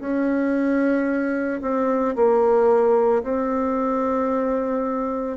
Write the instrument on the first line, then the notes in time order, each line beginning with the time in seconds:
bassoon
0.00 C#4
1.62 C4
2.16 A#3
3.23 C4